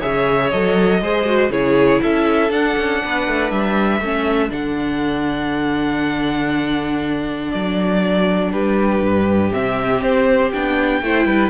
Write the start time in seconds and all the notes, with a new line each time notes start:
0.00 C#3 G#4 C#5 E5
0.50 F#3 A4 D#5
1.02 G#3 G#4 C5
1.25 F#4
1.50 C#3 E4 G#4 C#5
2.02 C#4 A4 E5
2.51 D4 F#5
2.77 C#4
3.05 B3 B4
3.27 A3
3.51 G3 E5
4.01 A3 C#4 A4
4.49 D3 D4 F#5
7.52 F#3 D5
8.52 G3 G4 B4
9.02 G2
9.52 C3 C4 E5
10.02 C4 C5
10.52 B3 D4 G5
11.02 A3 E4 C5
11.25 G3 B4